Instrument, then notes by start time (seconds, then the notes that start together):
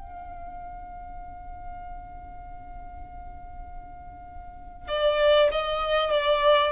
violin
0.00 F5
4.88 D5
5.52 D#5
6.11 D5